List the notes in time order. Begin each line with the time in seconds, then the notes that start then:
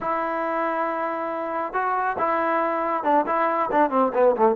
0.00 E4
1.73 F#4
2.18 E4
3.03 D4
3.26 E4
3.71 D4
3.90 C4
4.13 B3
4.36 A3